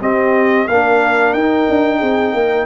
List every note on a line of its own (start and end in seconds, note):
0.00 0.67 C4
0.00 0.68 C4
0.00 0.67 G4
0.00 0.67 D#5
0.67 1.33 A#3
0.67 1.38 D4
0.67 1.98 A#4
0.67 1.33 F5
1.33 1.66 D#4
1.33 2.66 D#4
1.33 2.66 G5
1.69 2.01 D4
1.98 2.33 C4
1.98 2.32 G#4
2.32 2.66 A#3
2.32 2.65 A#4